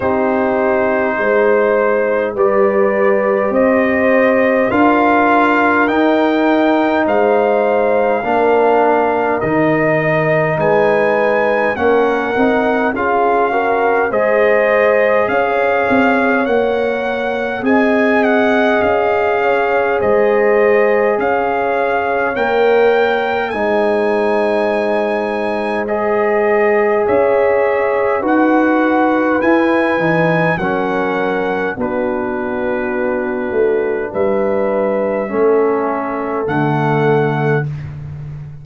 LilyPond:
<<
  \new Staff \with { instrumentName = "trumpet" } { \time 4/4 \tempo 4 = 51 c''2 d''4 dis''4 | f''4 g''4 f''2 | dis''4 gis''4 fis''4 f''4 | dis''4 f''4 fis''4 gis''8 fis''8 |
f''4 dis''4 f''4 g''4 | gis''2 dis''4 e''4 | fis''4 gis''4 fis''4 b'4~ | b'4 e''2 fis''4 | }
  \new Staff \with { instrumentName = "horn" } { \time 4/4 g'4 c''4 b'4 c''4 | ais'2 c''4 ais'4~ | ais'4 b'4 ais'4 gis'8 ais'8 | c''4 cis''2 dis''4~ |
dis''8 cis''8 c''4 cis''2 | c''2. cis''4 | b'2 ais'4 fis'4~ | fis'4 b'4 a'2 | }
  \new Staff \with { instrumentName = "trombone" } { \time 4/4 dis'2 g'2 | f'4 dis'2 d'4 | dis'2 cis'8 dis'8 f'8 fis'8 | gis'2 ais'4 gis'4~ |
gis'2. ais'4 | dis'2 gis'2 | fis'4 e'8 dis'8 cis'4 d'4~ | d'2 cis'4 a4 | }
  \new Staff \with { instrumentName = "tuba" } { \time 4/4 c'4 gis4 g4 c'4 | d'4 dis'4 gis4 ais4 | dis4 gis4 ais8 c'8 cis'4 | gis4 cis'8 c'8 ais4 c'4 |
cis'4 gis4 cis'4 ais4 | gis2. cis'4 | dis'4 e'8 e8 fis4 b4~ | b8 a8 g4 a4 d4 | }
>>